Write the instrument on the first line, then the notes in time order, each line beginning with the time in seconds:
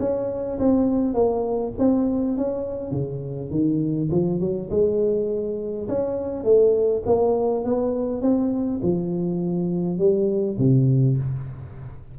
tuba
0.00 C#4
0.59 C4
1.14 A#3
1.79 C4
2.38 C#4
2.92 C#3
3.51 D#3
4.11 F3
4.41 F#3
4.71 G#3
5.89 C#4
6.44 A3
7.06 A#3
7.65 B3
8.22 C4
8.83 F3
9.99 G3
10.59 C3